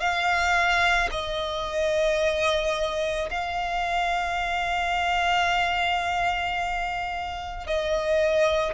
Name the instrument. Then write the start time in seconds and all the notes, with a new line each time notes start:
violin
0.00 F5
1.11 D#5
3.30 F5
7.67 D#5